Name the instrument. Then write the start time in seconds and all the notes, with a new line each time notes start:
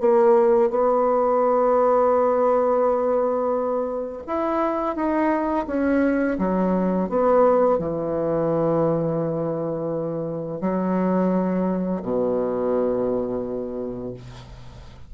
bassoon
0.00 A#3
0.70 B3
4.27 E4
4.95 D#4
5.67 C#4
6.39 F#3
7.09 B3
7.78 E3
10.61 F#3
12.02 B2